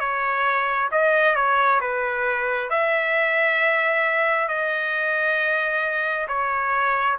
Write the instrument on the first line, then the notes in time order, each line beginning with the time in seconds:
trumpet
0.00 C#5
0.92 D#5
1.36 C#5
1.81 B4
2.70 E5
4.49 D#5
6.28 C#5